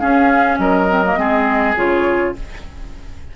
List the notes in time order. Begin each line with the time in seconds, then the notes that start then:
0.00 C#4 G#4 F5
0.59 F#3 A#4 D#5
0.89 C4
1.06 A#3
1.17 G#3 C4 G#4
1.77 C#3 F4 C#5